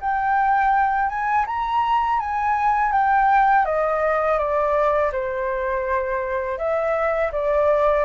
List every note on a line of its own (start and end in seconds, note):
0.00 1.09 G5
1.09 1.45 G#5
1.46 2.19 A#5
2.20 2.92 G#5
2.92 3.65 G5
3.65 4.38 D#5
4.38 5.11 D5
5.12 6.58 C5
6.58 7.31 E5
7.32 8.05 D5